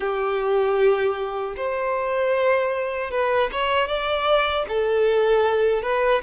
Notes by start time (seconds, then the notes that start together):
0.00 G4
1.56 C5
3.11 B4
3.52 C#5
3.87 D5
4.68 A4
5.82 B4